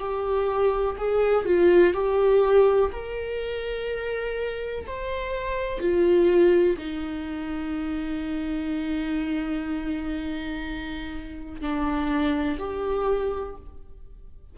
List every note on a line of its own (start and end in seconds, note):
0.00 0.97 G4
0.98 1.46 G#4
1.46 1.94 F4
1.94 2.91 G4
2.93 4.87 A#4
4.87 5.81 C5
5.81 6.77 F4
6.78 11.62 D#4
11.62 12.59 D4
12.59 13.56 G4